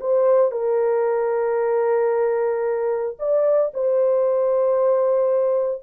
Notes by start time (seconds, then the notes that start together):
0.00 C5
0.51 A#4
3.19 D5
3.74 C5